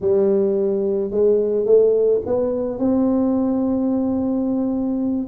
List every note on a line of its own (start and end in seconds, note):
0.00 1.10 G3
1.10 1.65 G#3
1.65 2.21 A3
2.26 2.78 B3
2.78 5.27 C4